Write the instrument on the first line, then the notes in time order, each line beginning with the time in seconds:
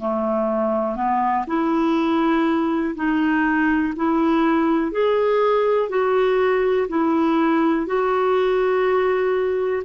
clarinet
0.00 A3
0.96 B3
1.48 E4
2.96 D#4
3.96 E4
4.92 G#4
5.89 F#4
6.89 E4
7.86 F#4